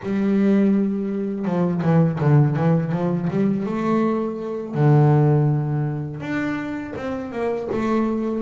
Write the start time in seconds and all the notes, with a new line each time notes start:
0.02 G3
1.45 F3
1.82 E3
2.21 D3
2.56 E3
2.91 F3
3.30 G3
3.66 A3
4.74 D3
6.20 D4
6.96 C4
7.31 A#3
7.72 A3